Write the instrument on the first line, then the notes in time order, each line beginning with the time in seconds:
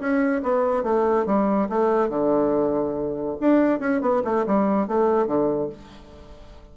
bassoon
0.00 C#4
0.43 B3
0.84 A3
1.26 G3
1.69 A3
2.10 D3
3.41 D4
3.80 C#4
4.02 B3
4.25 A3
4.47 G3
4.88 A3
5.27 D3